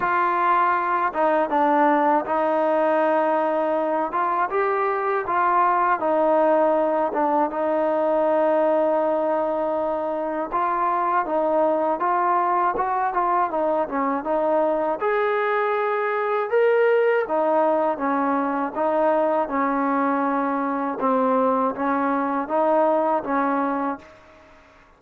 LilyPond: \new Staff \with { instrumentName = "trombone" } { \time 4/4 \tempo 4 = 80 f'4. dis'8 d'4 dis'4~ | dis'4. f'8 g'4 f'4 | dis'4. d'8 dis'2~ | dis'2 f'4 dis'4 |
f'4 fis'8 f'8 dis'8 cis'8 dis'4 | gis'2 ais'4 dis'4 | cis'4 dis'4 cis'2 | c'4 cis'4 dis'4 cis'4 | }